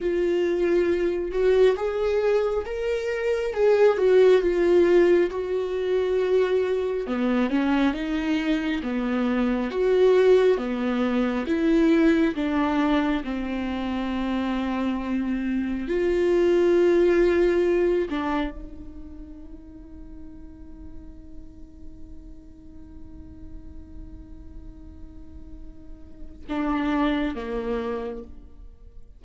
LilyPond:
\new Staff \with { instrumentName = "viola" } { \time 4/4 \tempo 4 = 68 f'4. fis'8 gis'4 ais'4 | gis'8 fis'8 f'4 fis'2 | b8 cis'8 dis'4 b4 fis'4 | b4 e'4 d'4 c'4~ |
c'2 f'2~ | f'8 d'8 dis'2.~ | dis'1~ | dis'2 d'4 ais4 | }